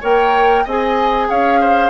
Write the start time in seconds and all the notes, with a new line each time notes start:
0.00 A#3 A#4 C#5 G5
0.64 C4 G#4 D#5 G#5
1.29 C#4 C#5 F5
1.60 C5